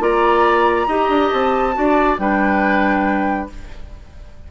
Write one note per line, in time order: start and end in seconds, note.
0.00 0.87 A#3
0.00 0.87 F4
0.00 0.88 D5
0.00 1.31 A#5
0.88 1.09 D#4
0.88 1.74 G4
0.88 1.75 D#5
1.09 1.31 D4
1.31 1.77 C4
1.31 2.18 A5
1.74 2.19 D4
1.74 2.17 F#4
1.74 2.21 D5
2.19 3.49 G3
2.19 3.50 D4
2.19 3.51 B4
2.19 3.50 G5